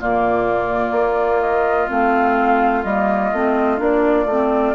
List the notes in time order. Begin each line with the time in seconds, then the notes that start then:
0.00 A#2 A#3 F4 D5
0.92 A#3
1.41 D#5
1.89 A3 C4 F5
2.84 G3 A#3 D#5
3.33 A3 C4
3.78 A#3 D4 D5
4.26 A3
4.32 C4